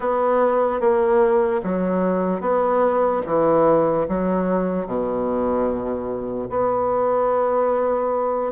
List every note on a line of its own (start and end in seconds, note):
0.00 0.80 B3
0.80 1.61 A#3
1.63 2.40 F#3
2.40 3.21 B3
3.25 4.07 E3
4.08 4.86 F#3
4.86 6.48 B2
6.49 8.51 B3